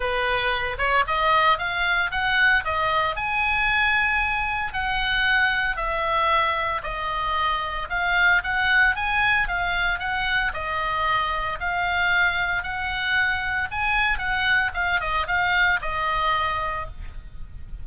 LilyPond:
\new Staff \with { instrumentName = "oboe" } { \time 4/4 \tempo 4 = 114 b'4. cis''8 dis''4 f''4 | fis''4 dis''4 gis''2~ | gis''4 fis''2 e''4~ | e''4 dis''2 f''4 |
fis''4 gis''4 f''4 fis''4 | dis''2 f''2 | fis''2 gis''4 fis''4 | f''8 dis''8 f''4 dis''2 | }